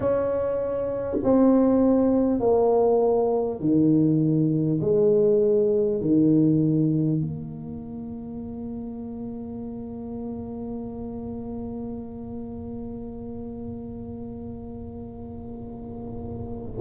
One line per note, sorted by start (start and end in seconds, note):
0.00 1.17 C#4
1.23 2.40 C4
2.40 3.60 A#3
3.60 4.80 D#3
4.80 6.00 G#3
6.01 7.20 D#3
7.20 16.80 A#3